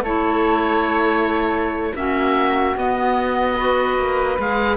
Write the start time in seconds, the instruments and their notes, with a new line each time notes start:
0.00 cello A3, clarinet E4, flute A4, oboe C#5
1.94 cello A#3, clarinet C#4, flute F#4, oboe E5
2.76 cello B3, clarinet B3, oboe D#5
3.56 clarinet F#4, flute B4
3.97 cello A#3
4.38 cello G#3, clarinet G#4, oboe F5